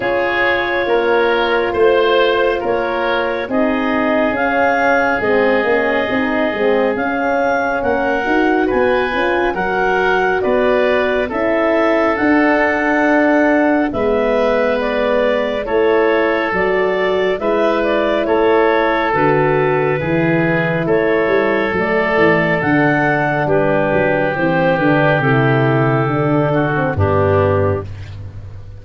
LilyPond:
<<
  \new Staff \with { instrumentName = "clarinet" } { \time 4/4 \tempo 4 = 69 cis''2 c''4 cis''4 | dis''4 f''4 dis''2 | f''4 fis''4 gis''4 fis''4 | d''4 e''4 fis''2 |
e''4 d''4 cis''4 d''4 | e''8 d''8 cis''4 b'2 | cis''4 d''4 fis''4 b'4 | c''8 b'8 a'2 g'4 | }
  \new Staff \with { instrumentName = "oboe" } { \time 4/4 gis'4 ais'4 c''4 ais'4 | gis'1~ | gis'4 ais'4 b'4 ais'4 | b'4 a'2. |
b'2 a'2 | b'4 a'2 gis'4 | a'2. g'4~ | g'2~ g'8 fis'8 d'4 | }
  \new Staff \with { instrumentName = "horn" } { \time 4/4 f'1 | dis'4 cis'4 c'8 cis'8 dis'8 c'8 | cis'4. fis'4 f'8 fis'4~ | fis'4 e'4 d'2 |
b2 e'4 fis'4 | e'2 fis'4 e'4~ | e'4 a4 d'2 | c'8 d'8 e'4 d'8. c'16 b4 | }
  \new Staff \with { instrumentName = "tuba" } { \time 4/4 cis'4 ais4 a4 ais4 | c'4 cis'4 gis8 ais8 c'8 gis8 | cis'4 ais8 dis'8 b8 cis'8 fis4 | b4 cis'4 d'2 |
gis2 a4 fis4 | gis4 a4 d4 e4 | a8 g8 fis8 e8 d4 g8 fis8 | e8 d8 c4 d4 g,4 | }
>>